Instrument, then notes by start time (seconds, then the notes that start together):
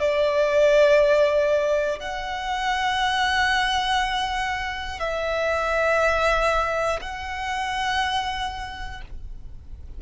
violin
0.00 D5
2.00 F#5
5.00 E5
7.01 F#5